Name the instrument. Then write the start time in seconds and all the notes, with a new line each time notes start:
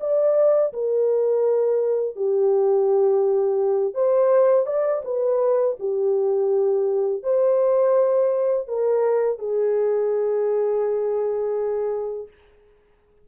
horn
0.00 D5
0.73 A#4
2.15 G4
3.94 C5
4.66 D5
5.04 B4
5.79 G4
7.23 C5
8.67 A#4
9.38 G#4